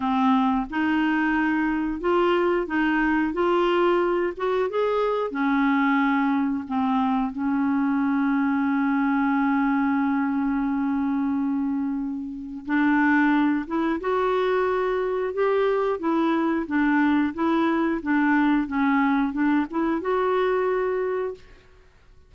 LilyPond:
\new Staff \with { instrumentName = "clarinet" } { \time 4/4 \tempo 4 = 90 c'4 dis'2 f'4 | dis'4 f'4. fis'8 gis'4 | cis'2 c'4 cis'4~ | cis'1~ |
cis'2. d'4~ | d'8 e'8 fis'2 g'4 | e'4 d'4 e'4 d'4 | cis'4 d'8 e'8 fis'2 | }